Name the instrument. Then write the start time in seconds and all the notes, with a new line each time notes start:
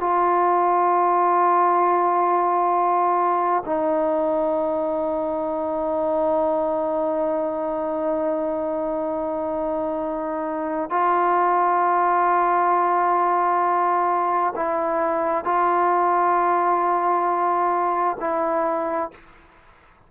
trombone
0.00 F4
3.66 D#4
10.90 F4
14.56 E4
15.45 F4
18.20 E4